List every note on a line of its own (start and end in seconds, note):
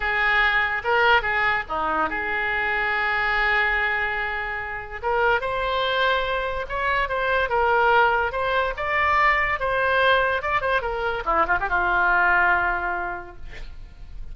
0.00 0.82 G#4
0.84 1.22 A#4
1.22 1.63 G#4
1.68 2.09 D#4
2.09 5.01 G#4
5.02 5.41 A#4
5.41 6.66 C5
6.68 7.08 C#5
7.08 7.49 C5
7.49 8.31 A#4
8.31 8.73 C5
8.77 9.59 D5
9.59 10.42 C5
10.42 10.61 D5
10.61 10.81 C5
10.81 11.23 A#4
11.25 11.46 E4
11.47 11.57 F4
11.59 11.69 G4
11.69 13.35 F4